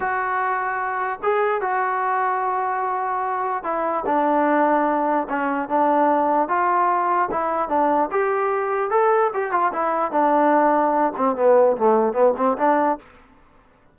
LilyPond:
\new Staff \with { instrumentName = "trombone" } { \time 4/4 \tempo 4 = 148 fis'2. gis'4 | fis'1~ | fis'4 e'4 d'2~ | d'4 cis'4 d'2 |
f'2 e'4 d'4 | g'2 a'4 g'8 f'8 | e'4 d'2~ d'8 c'8 | b4 a4 b8 c'8 d'4 | }